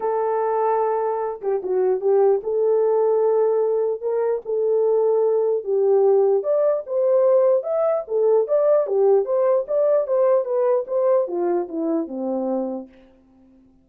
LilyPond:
\new Staff \with { instrumentName = "horn" } { \time 4/4 \tempo 4 = 149 a'2.~ a'8 g'8 | fis'4 g'4 a'2~ | a'2 ais'4 a'4~ | a'2 g'2 |
d''4 c''2 e''4 | a'4 d''4 g'4 c''4 | d''4 c''4 b'4 c''4 | f'4 e'4 c'2 | }